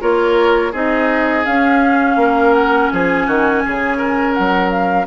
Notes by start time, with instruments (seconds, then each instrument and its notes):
0.00 bassoon A#3, clarinet F4, oboe A#4, flute C#5
0.72 bassoon C4, clarinet D#4, oboe G#4, flute D#5
1.45 clarinet C#4, bassoon C#4, flute F5
2.16 bassoon A#3, oboe A#4
2.54 flute F#5
2.91 bassoon F3, oboe G#4, flute G#5
3.27 bassoon D#3, oboe F#4
3.66 bassoon C#3, oboe G#4
3.98 oboe A#4
4.34 bassoon F#3, flute F#5
4.71 flute F5